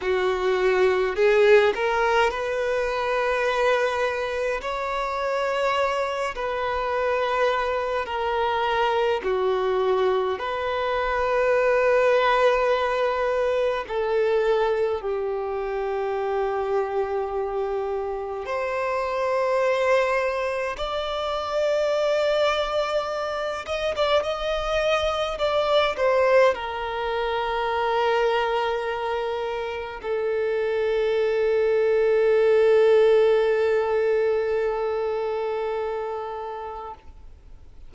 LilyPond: \new Staff \with { instrumentName = "violin" } { \time 4/4 \tempo 4 = 52 fis'4 gis'8 ais'8 b'2 | cis''4. b'4. ais'4 | fis'4 b'2. | a'4 g'2. |
c''2 d''2~ | d''8 dis''16 d''16 dis''4 d''8 c''8 ais'4~ | ais'2 a'2~ | a'1 | }